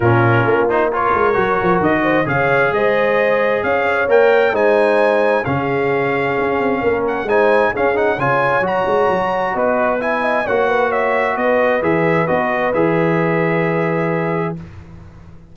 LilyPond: <<
  \new Staff \with { instrumentName = "trumpet" } { \time 4/4 \tempo 4 = 132 ais'4. c''8 cis''2 | dis''4 f''4 dis''2 | f''4 g''4 gis''2 | f''2.~ f''8 fis''8 |
gis''4 f''8 fis''8 gis''4 ais''4~ | ais''4 b'4 gis''4 fis''4 | e''4 dis''4 e''4 dis''4 | e''1 | }
  \new Staff \with { instrumentName = "horn" } { \time 4/4 f'2 ais'2~ | ais'8 c''8 cis''4 c''2 | cis''2 c''2 | gis'2. ais'4 |
c''4 gis'4 cis''2~ | cis''4 dis''4 e''8 dis''8 cis''8 b'8 | cis''4 b'2.~ | b'1 | }
  \new Staff \with { instrumentName = "trombone" } { \time 4/4 cis'4. dis'8 f'4 fis'4~ | fis'4 gis'2.~ | gis'4 ais'4 dis'2 | cis'1 |
dis'4 cis'8 dis'8 f'4 fis'4~ | fis'2 e'4 fis'4~ | fis'2 gis'4 fis'4 | gis'1 | }
  \new Staff \with { instrumentName = "tuba" } { \time 4/4 ais,4 ais4. gis8 fis8 f8 | dis4 cis4 gis2 | cis'4 ais4 gis2 | cis2 cis'8 c'8 ais4 |
gis4 cis'4 cis4 fis8 gis8 | fis4 b2 ais4~ | ais4 b4 e4 b4 | e1 | }
>>